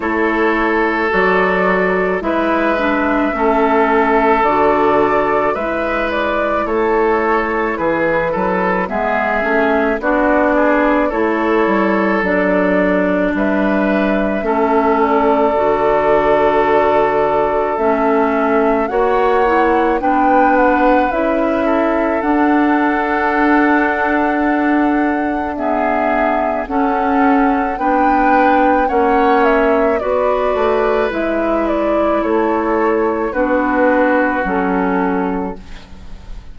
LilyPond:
<<
  \new Staff \with { instrumentName = "flute" } { \time 4/4 \tempo 4 = 54 cis''4 d''4 e''2 | d''4 e''8 d''8 cis''4 b'4 | e''4 d''4 cis''4 d''4 | e''4. d''2~ d''8 |
e''4 fis''4 g''8 fis''8 e''4 | fis''2. e''4 | fis''4 g''4 fis''8 e''8 d''4 | e''8 d''8 cis''4 b'4 a'4 | }
  \new Staff \with { instrumentName = "oboe" } { \time 4/4 a'2 b'4 a'4~ | a'4 b'4 a'4 gis'8 a'8 | gis'4 fis'8 gis'8 a'2 | b'4 a'2.~ |
a'4 cis''4 b'4. a'8~ | a'2. gis'4 | a'4 b'4 cis''4 b'4~ | b'4 a'4 fis'2 | }
  \new Staff \with { instrumentName = "clarinet" } { \time 4/4 e'4 fis'4 e'8 d'8 cis'4 | fis'4 e'2. | b8 cis'8 d'4 e'4 d'4~ | d'4 cis'4 fis'2 |
cis'4 fis'8 e'8 d'4 e'4 | d'2. b4 | cis'4 d'4 cis'4 fis'4 | e'2 d'4 cis'4 | }
  \new Staff \with { instrumentName = "bassoon" } { \time 4/4 a4 fis4 gis4 a4 | d4 gis4 a4 e8 fis8 | gis8 a8 b4 a8 g8 fis4 | g4 a4 d2 |
a4 ais4 b4 cis'4 | d'1 | cis'4 b4 ais4 b8 a8 | gis4 a4 b4 fis4 | }
>>